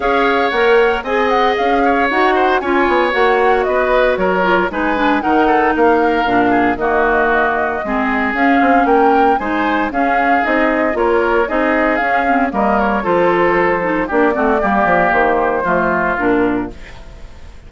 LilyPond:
<<
  \new Staff \with { instrumentName = "flute" } { \time 4/4 \tempo 4 = 115 f''4 fis''4 gis''8 fis''8 f''4 | fis''4 gis''4 fis''4 dis''4 | cis''4 gis''4 fis''4 f''4~ | f''4 dis''2. |
f''4 g''4 gis''4 f''4 | dis''4 cis''4 dis''4 f''4 | dis''8 cis''8 c''2 d''4~ | d''4 c''2 ais'4 | }
  \new Staff \with { instrumentName = "oboe" } { \time 4/4 cis''2 dis''4. cis''8~ | cis''8 c''8 cis''2 b'4 | ais'4 b'4 ais'8 a'8 ais'4~ | ais'8 gis'8 fis'2 gis'4~ |
gis'4 ais'4 c''4 gis'4~ | gis'4 ais'4 gis'2 | ais'4 a'2 g'8 fis'8 | g'2 f'2 | }
  \new Staff \with { instrumentName = "clarinet" } { \time 4/4 gis'4 ais'4 gis'2 | fis'4 f'4 fis'2~ | fis'8 f'8 dis'8 d'8 dis'2 | d'4 ais2 c'4 |
cis'2 dis'4 cis'4 | dis'4 f'4 dis'4 cis'8 c'8 | ais4 f'4. dis'8 d'8 c'8 | ais2 a4 d'4 | }
  \new Staff \with { instrumentName = "bassoon" } { \time 4/4 cis'4 ais4 c'4 cis'4 | dis'4 cis'8 b8 ais4 b4 | fis4 gis4 dis4 ais4 | ais,4 dis2 gis4 |
cis'8 c'8 ais4 gis4 cis'4 | c'4 ais4 c'4 cis'4 | g4 f2 ais8 a8 | g8 f8 dis4 f4 ais,4 | }
>>